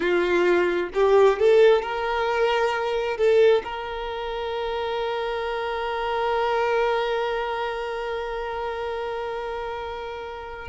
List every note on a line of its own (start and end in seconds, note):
0.00 0.89 F4
0.93 1.39 G4
1.39 1.82 A4
1.82 3.17 A#4
3.17 3.62 A4
3.64 10.68 A#4